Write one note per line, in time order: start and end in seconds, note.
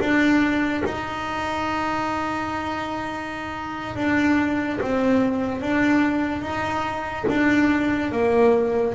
0.00 0.83 D4
0.85 3.97 D#4
3.97 4.80 D4
4.81 5.62 C4
5.62 6.42 D4
6.42 7.26 D#4
7.30 8.12 D4
8.12 8.95 A#3